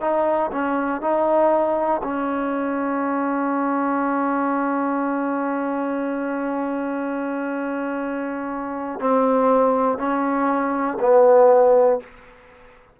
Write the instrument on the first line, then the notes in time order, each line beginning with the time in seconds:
trombone
0.00 D#4
0.51 C#4
1.00 D#4
2.03 C#4
9.00 C4
9.98 C#4
11.00 B3